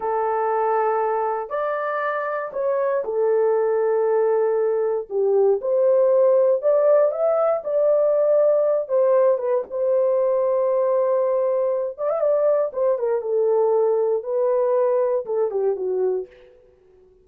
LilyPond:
\new Staff \with { instrumentName = "horn" } { \time 4/4 \tempo 4 = 118 a'2. d''4~ | d''4 cis''4 a'2~ | a'2 g'4 c''4~ | c''4 d''4 e''4 d''4~ |
d''4. c''4 b'8 c''4~ | c''2.~ c''8 d''16 e''16 | d''4 c''8 ais'8 a'2 | b'2 a'8 g'8 fis'4 | }